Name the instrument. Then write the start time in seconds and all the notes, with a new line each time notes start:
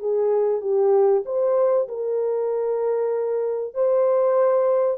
horn
0.00 G#4
0.62 G4
1.26 C5
1.89 A#4
3.75 C5